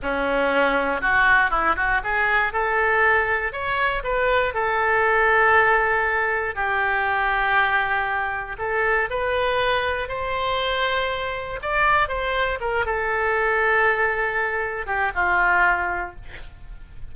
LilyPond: \new Staff \with { instrumentName = "oboe" } { \time 4/4 \tempo 4 = 119 cis'2 fis'4 e'8 fis'8 | gis'4 a'2 cis''4 | b'4 a'2.~ | a'4 g'2.~ |
g'4 a'4 b'2 | c''2. d''4 | c''4 ais'8 a'2~ a'8~ | a'4. g'8 f'2 | }